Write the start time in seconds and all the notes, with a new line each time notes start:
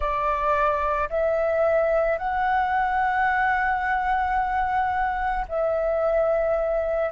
0.00 D5
1.09 E5
2.18 F#5
5.48 E5